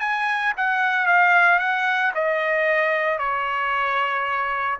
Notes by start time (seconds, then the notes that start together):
0.00 G#5
0.57 F#5
1.07 F5
1.59 F#5
2.15 D#5
3.19 C#5